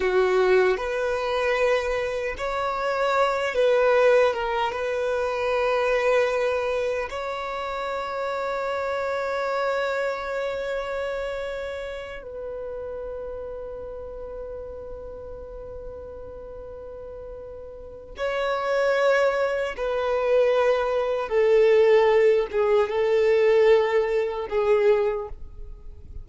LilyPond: \new Staff \with { instrumentName = "violin" } { \time 4/4 \tempo 4 = 76 fis'4 b'2 cis''4~ | cis''8 b'4 ais'8 b'2~ | b'4 cis''2.~ | cis''2.~ cis''8 b'8~ |
b'1~ | b'2. cis''4~ | cis''4 b'2 a'4~ | a'8 gis'8 a'2 gis'4 | }